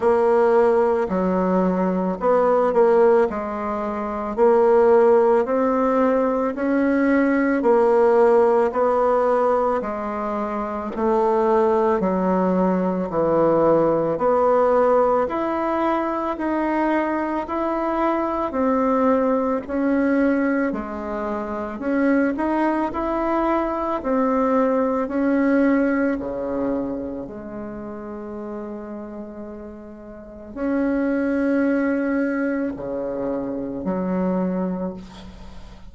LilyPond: \new Staff \with { instrumentName = "bassoon" } { \time 4/4 \tempo 4 = 55 ais4 fis4 b8 ais8 gis4 | ais4 c'4 cis'4 ais4 | b4 gis4 a4 fis4 | e4 b4 e'4 dis'4 |
e'4 c'4 cis'4 gis4 | cis'8 dis'8 e'4 c'4 cis'4 | cis4 gis2. | cis'2 cis4 fis4 | }